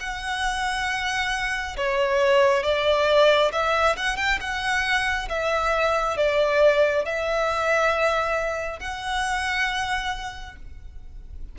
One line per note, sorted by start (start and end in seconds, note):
0.00 1.76 F#5
1.77 2.64 C#5
2.64 3.52 D5
3.52 3.96 E5
3.97 4.17 F#5
4.17 4.39 G5
4.40 5.29 F#5
5.29 6.17 E5
6.17 7.05 D5
7.05 8.80 E5
8.80 10.56 F#5